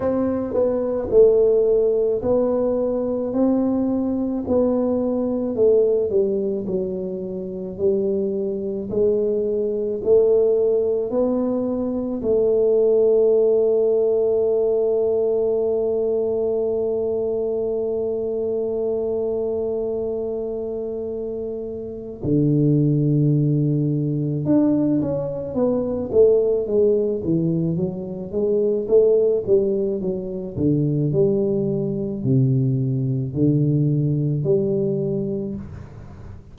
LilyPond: \new Staff \with { instrumentName = "tuba" } { \time 4/4 \tempo 4 = 54 c'8 b8 a4 b4 c'4 | b4 a8 g8 fis4 g4 | gis4 a4 b4 a4~ | a1~ |
a1 | d2 d'8 cis'8 b8 a8 | gis8 e8 fis8 gis8 a8 g8 fis8 d8 | g4 c4 d4 g4 | }